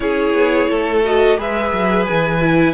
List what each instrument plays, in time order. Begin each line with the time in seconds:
0.00 cello C#4, viola E4, violin G#4 C#5
0.33 cello B3
0.70 cello A3, violin A4
1.04 viola F#4, violin D#5
1.37 cello G#3, viola G#4, violin B4 E5
1.72 cello F#3
2.05 cello E3, violin G#5
2.40 viola E4